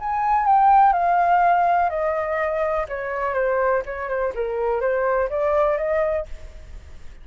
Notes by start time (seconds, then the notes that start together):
0.00 G#5
0.46 G5
0.93 F5
1.90 D#5
2.89 C#5
3.34 C5
3.86 C#5
4.09 C5
4.35 A#4
4.81 C5
5.30 D5
5.78 D#5